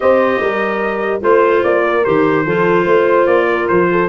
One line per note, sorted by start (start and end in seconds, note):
0.00 0.40 C4
0.00 1.20 G4
0.00 0.40 C5
0.00 1.21 D#5
0.40 1.22 G3
0.40 1.22 A#4
1.20 1.63 A3
1.20 2.02 F4
1.20 1.83 C5
1.20 1.63 C5
1.63 2.05 A#3
1.63 2.04 D5
1.85 2.45 A#4
2.04 2.46 D#3
2.04 2.45 G4
2.04 3.26 C5
2.45 2.85 F3
2.45 4.08 F4
2.45 2.84 A4
2.84 3.26 A3
2.84 3.45 C5
3.26 3.67 A#3
3.26 3.67 D5
3.48 3.89 A#4
3.68 4.08 F3
3.68 4.08 C5
3.91 4.08 A4